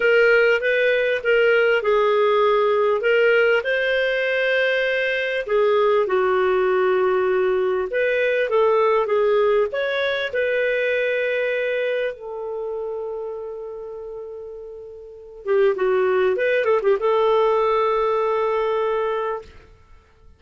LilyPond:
\new Staff \with { instrumentName = "clarinet" } { \time 4/4 \tempo 4 = 99 ais'4 b'4 ais'4 gis'4~ | gis'4 ais'4 c''2~ | c''4 gis'4 fis'2~ | fis'4 b'4 a'4 gis'4 |
cis''4 b'2. | a'1~ | a'4. g'8 fis'4 b'8 a'16 g'16 | a'1 | }